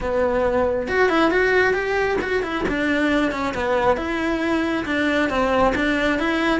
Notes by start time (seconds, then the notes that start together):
0.00 B3
0.87 F#4
1.09 E4
1.30 F#4
1.73 G4
2.21 F#4
2.42 E4
2.68 D4
3.31 C#4
3.54 B3
3.97 E4
4.85 D4
5.29 C4
5.75 D4
6.19 E4